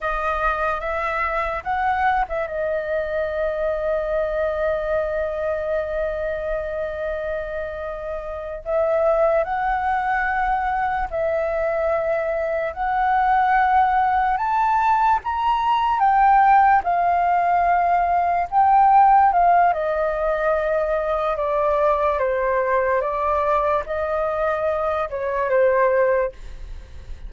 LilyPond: \new Staff \with { instrumentName = "flute" } { \time 4/4 \tempo 4 = 73 dis''4 e''4 fis''8. e''16 dis''4~ | dis''1~ | dis''2~ dis''8 e''4 fis''8~ | fis''4. e''2 fis''8~ |
fis''4. a''4 ais''4 g''8~ | g''8 f''2 g''4 f''8 | dis''2 d''4 c''4 | d''4 dis''4. cis''8 c''4 | }